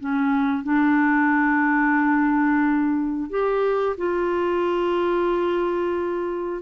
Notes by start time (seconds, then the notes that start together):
0.00 C#4
0.63 D4
3.30 G4
3.98 F4